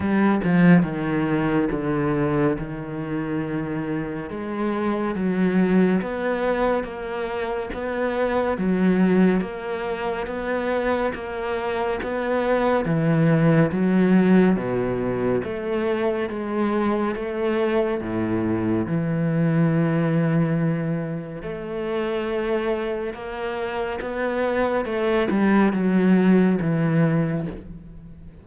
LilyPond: \new Staff \with { instrumentName = "cello" } { \time 4/4 \tempo 4 = 70 g8 f8 dis4 d4 dis4~ | dis4 gis4 fis4 b4 | ais4 b4 fis4 ais4 | b4 ais4 b4 e4 |
fis4 b,4 a4 gis4 | a4 a,4 e2~ | e4 a2 ais4 | b4 a8 g8 fis4 e4 | }